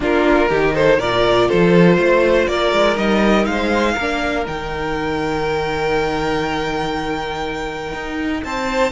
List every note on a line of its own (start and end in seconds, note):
0.00 0.49 A#3
0.00 0.49 D4
0.00 0.49 F4
0.00 0.75 A#4
0.49 0.98 D#3
0.49 0.99 D#4
0.49 0.73 G4
0.74 0.98 A4
0.74 0.99 C5
0.98 1.48 A#2
0.98 2.96 F4
0.98 1.47 A#4
0.98 1.49 D5
1.48 1.98 F3
1.48 1.97 A4
1.48 2.47 C5
1.98 2.47 A3
1.98 2.49 C5
2.47 2.72 A#3
2.47 3.48 A#4
2.47 2.96 D5
2.72 2.96 G#3
2.96 3.46 G3
2.96 3.95 D#4
2.96 3.45 D#5
3.45 3.96 G#3
3.45 3.93 C5
3.45 4.44 F5
3.93 4.46 A#3
3.93 8.39 A#4
4.00 4.46 D4
4.46 7.93 D#3
4.46 8.91 D#4
4.46 8.43 G5
7.93 8.42 D#4
8.43 8.91 C4
8.43 8.91 C5
8.43 8.91 A5